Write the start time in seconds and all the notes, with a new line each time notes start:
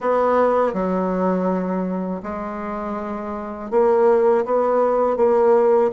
0.00 B3
0.73 F#3
2.22 G#3
3.70 A#3
4.45 B3
5.16 A#3